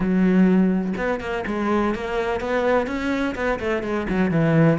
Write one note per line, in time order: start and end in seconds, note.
0.00 0.93 F#3
0.97 1.20 B3
1.20 1.44 A#3
1.46 1.94 G#3
1.95 2.40 A#3
2.40 2.86 B3
2.86 3.34 C#4
3.35 3.59 B3
3.59 3.82 A3
3.82 4.06 G#3
4.09 4.30 F#3
4.30 4.78 E3